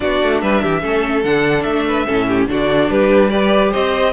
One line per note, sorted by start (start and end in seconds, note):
0.00 0.22 B3
0.00 0.81 D4
0.00 0.42 F#4
0.00 0.39 D5
0.22 0.42 A3
0.41 0.63 G3
0.41 0.62 B4
0.41 1.23 E5
0.62 0.83 E3
0.62 0.82 G4
0.81 1.23 A3
0.81 1.23 C#4
0.81 1.85 A4
1.23 1.65 D3
1.23 2.07 D4
1.23 1.62 F#5
1.62 2.06 A3
1.62 2.45 E5
1.87 2.06 B4
2.06 2.47 A2
2.06 2.48 C#4
2.06 2.27 A4
2.28 2.48 G4
2.47 2.89 D3
2.47 3.30 D4
2.47 2.90 F#4
2.47 2.90 D5
2.90 3.72 G3
2.90 3.31 G4
2.90 3.29 B4
3.29 4.13 G4
3.29 3.71 B4
3.29 3.71 D5
3.71 4.13 C4
3.71 4.13 C5
3.71 4.13 D#5